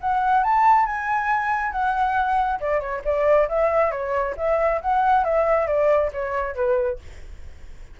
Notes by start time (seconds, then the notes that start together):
0.00 F#5
0.43 A5
0.86 G#5
1.72 F#5
2.60 D5
2.80 C#5
3.04 D5
3.48 E5
3.91 C#5
4.37 E5
4.81 F#5
5.24 E5
5.67 D5
6.12 C#5
6.55 B4